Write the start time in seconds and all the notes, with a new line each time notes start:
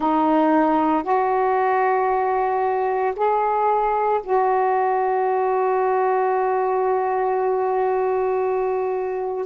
0.00 D#4
1.03 F#4
3.16 G#4
4.23 F#4